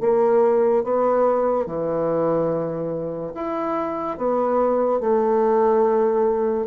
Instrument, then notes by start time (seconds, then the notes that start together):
bassoon
0.00 A#3
0.84 B3
1.66 E3
3.34 E4
4.17 B3
5.00 A3